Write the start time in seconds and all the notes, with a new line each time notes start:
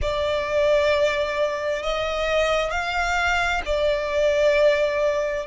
0.01 D5
1.83 D#5
2.70 F5
3.65 D5